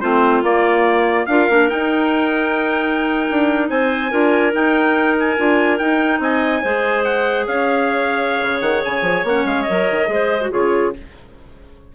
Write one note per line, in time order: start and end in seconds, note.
0.00 0.42 A3
0.00 0.42 C4
0.00 1.26 F4
0.00 0.42 C5
0.42 1.26 A#3
0.42 1.26 D5
1.26 1.48 D4
1.26 1.50 F4
1.26 3.69 A#4
1.26 1.68 F5
1.49 1.70 A#3
1.49 1.69 D4
1.69 4.10 D#4
1.69 3.29 D#4
1.69 3.69 G5
3.30 3.70 D4
3.69 4.12 C4
3.69 4.10 C5
3.69 4.53 G#5
4.10 4.53 D4
4.10 4.52 F4
4.10 6.20 A#4
4.52 5.36 D#4
4.52 5.37 D#4
4.52 5.17 G5
5.18 5.78 G#5
5.37 5.80 D4
5.37 5.78 F4
5.78 6.62 D#4
5.78 6.19 D#4
5.78 6.20 G5
6.19 6.61 C4
6.19 6.61 D#5
6.19 7.04 G#5
6.61 7.47 G#3
6.61 9.26 G#4
6.61 7.45 C5
7.04 7.46 F#5
7.47 8.41 C#4
7.47 10.10 C#5
7.47 8.61 F5
8.42 8.61 C#3
8.61 8.82 D#3
8.61 8.82 F#5
8.84 9.01 C#3
8.84 9.26 G#5
9.01 9.22 F3
9.23 9.44 A#3
9.23 9.68 C#4
9.23 9.46 F#5
9.45 9.66 G#3
9.45 9.63 F5
9.63 10.06 A#4
9.63 10.47 D#5
9.69 9.90 F#3
9.90 10.08 D#3
10.06 10.50 G#3
10.06 10.37 G#4
10.06 10.51 C5
10.40 10.51 F#4
10.51 10.95 C#3
10.51 10.92 F4
10.51 10.93 G#4
10.51 10.94 C#5